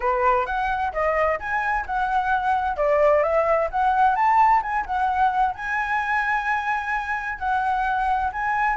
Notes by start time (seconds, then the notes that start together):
0.00 B4
0.46 F#5
0.93 D#5
1.39 G#5
1.85 F#5
2.76 D5
3.22 E5
3.70 F#5
4.15 A5
4.62 G#5
4.86 F#5
5.54 G#5
7.38 F#5
8.32 G#5